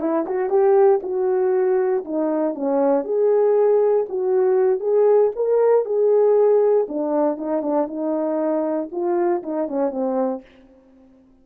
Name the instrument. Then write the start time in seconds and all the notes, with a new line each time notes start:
horn
0.00 E4
0.26 F#4
0.50 G4
1.03 F#4
2.05 D#4
2.55 C#4
3.04 G#4
4.09 F#4
4.80 G#4
5.36 A#4
5.85 G#4
6.89 D4
7.37 D#4
7.62 D4
7.87 D#4
8.92 F4
9.43 D#4
9.68 C#4
9.91 C4